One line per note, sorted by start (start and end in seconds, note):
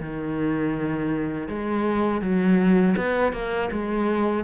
0.00 1.48 D#3
1.48 2.21 G#3
2.21 2.95 F#3
2.97 3.33 B3
3.33 3.70 A#3
3.72 4.44 G#3